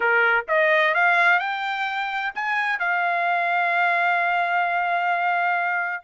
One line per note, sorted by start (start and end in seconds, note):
0.00 0.45 A#4
0.48 0.94 D#5
0.94 1.39 F5
1.39 2.32 G5
2.34 2.79 G#5
2.79 6.04 F5